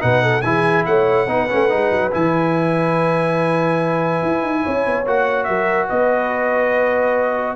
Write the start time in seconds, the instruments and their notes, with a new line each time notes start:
0.00 tuba B2, trombone D#4, horn B4, trumpet F#5
0.23 horn A4
0.42 tuba E3, trombone E4, horn G#4, trumpet G#5
0.86 tuba A3, horn C#5, trumpet F#5
1.27 tuba B3, trombone D#4, horn B4
1.50 tuba A3, trombone C#4
1.69 tuba G#3, trombone D#4
1.91 tuba F#3
2.12 tuba E3, trombone E4, trumpet G#5
4.23 tuba E4
4.43 tuba D#4
4.63 tuba C#4, horn C#5
4.86 tuba B3
5.06 tuba A#3, trombone F#4, trumpet F#5
5.44 tuba F#3, horn A#4, trumpet E5
5.88 tuba B3, horn B4, trumpet D#5